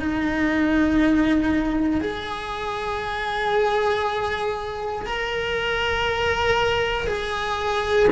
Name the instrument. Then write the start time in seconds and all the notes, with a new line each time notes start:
cello
0.00 D#4
2.01 G#4
5.06 A#4
7.07 G#4